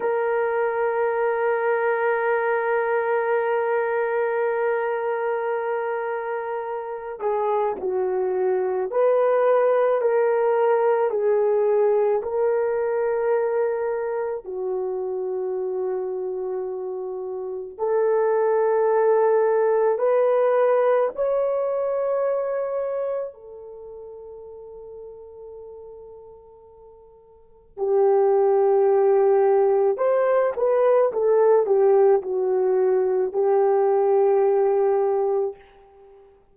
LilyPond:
\new Staff \with { instrumentName = "horn" } { \time 4/4 \tempo 4 = 54 ais'1~ | ais'2~ ais'8 gis'8 fis'4 | b'4 ais'4 gis'4 ais'4~ | ais'4 fis'2. |
a'2 b'4 cis''4~ | cis''4 a'2.~ | a'4 g'2 c''8 b'8 | a'8 g'8 fis'4 g'2 | }